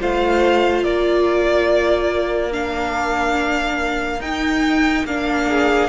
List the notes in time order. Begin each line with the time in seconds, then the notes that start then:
0.00 A3 F4 C5 F5
0.84 A#3 A#4 D5
2.52 D4 F5
4.20 D#4 G5
5.05 A#3 D4 F5
5.48 G#4